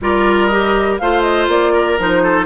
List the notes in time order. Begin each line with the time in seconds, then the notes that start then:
0.01 G3 F4 A#4 D5
0.46 G4 D#5
0.99 A3 F4 C5 F5
1.22 D#5
1.47 A#3 D5
1.72 A#4
1.98 F3 D#4 C5
2.23 A4